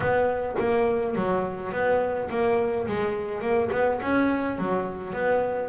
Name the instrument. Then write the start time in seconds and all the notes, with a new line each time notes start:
double bass
0.00 B3
0.58 A#3
1.15 F#3
1.72 B3
2.29 A#3
2.87 G#3
3.41 A#3
3.71 B3
4.01 C#4
4.58 F#3
5.13 B3